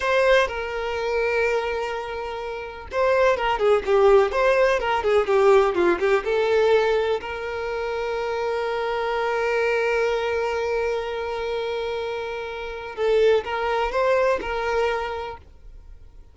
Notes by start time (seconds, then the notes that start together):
0.00 C5
0.47 A#4
2.91 C5
3.36 A#4
3.58 G#4
3.85 G4
4.31 C5
4.79 A#4
5.03 G#4
5.26 G4
5.74 F4
5.99 G4
6.24 A4
7.20 A#4
12.95 A4
13.44 A#4
13.91 C5
14.41 A#4